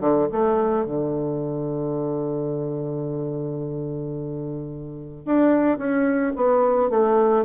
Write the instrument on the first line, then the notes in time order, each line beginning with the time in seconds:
bassoon
0.00 D3
0.32 A3
0.86 D3
5.26 D4
5.78 C#4
6.36 B3
6.90 A3